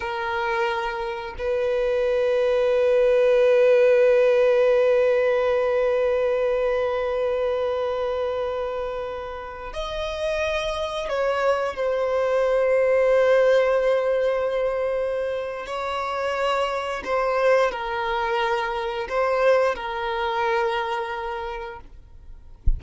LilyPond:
\new Staff \with { instrumentName = "violin" } { \time 4/4 \tempo 4 = 88 ais'2 b'2~ | b'1~ | b'1~ | b'2~ b'16 dis''4.~ dis''16~ |
dis''16 cis''4 c''2~ c''8.~ | c''2. cis''4~ | cis''4 c''4 ais'2 | c''4 ais'2. | }